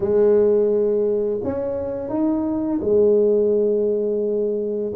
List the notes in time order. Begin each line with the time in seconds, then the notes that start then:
0.00 G#3
1.43 C#4
2.09 D#4
2.81 G#3